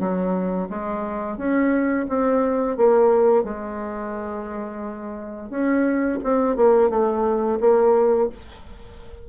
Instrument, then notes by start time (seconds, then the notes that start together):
bassoon
0.00 F#3
0.70 G#3
1.37 C#4
2.09 C4
2.77 A#3
3.44 G#3
5.50 C#4
6.24 C4
6.56 A#3
6.90 A3
7.60 A#3